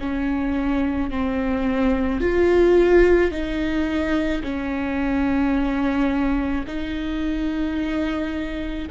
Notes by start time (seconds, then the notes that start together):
0.00 C#4
1.11 C4
2.21 F4
3.31 D#4
4.43 C#4
6.67 D#4